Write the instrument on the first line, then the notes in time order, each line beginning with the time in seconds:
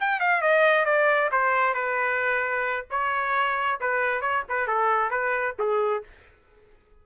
trumpet
0.00 G5
0.20 F5
0.42 D#5
0.85 D5
1.32 C5
1.74 B4
2.90 C#5
3.80 B4
4.21 C#5
4.49 B4
4.67 A4
5.10 B4
5.59 G#4